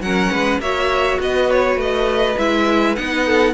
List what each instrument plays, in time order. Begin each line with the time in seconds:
0.00 cello F#3, viola C#4, violin A#4 F#5
0.31 cello G#3, violin B4
0.59 cello A#3, viola F#4, violin C#5 E5
1.20 cello B3, violin B4 D#5
1.50 violin C#5
1.76 cello A3, violin D#5
2.38 cello G#3, viola E4, violin E5
2.95 cello B3, viola D#4, violin F#5
3.25 violin A4